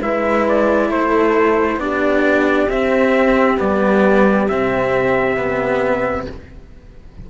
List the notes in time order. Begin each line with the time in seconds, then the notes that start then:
0.00 G#3 E4 B4 E5
0.49 D5
0.90 A3 A4 C5
1.76 B3 D4 G4 D5
2.69 C4 E5
3.57 G3 B3 D5
4.48 C3 C4 E5
5.37 B3